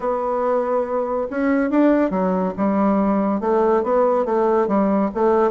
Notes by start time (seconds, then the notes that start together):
0.00 B3
1.30 C#4
1.70 D4
2.10 F#3
2.57 G3
3.40 A3
3.83 B3
4.25 A3
4.67 G3
5.14 A3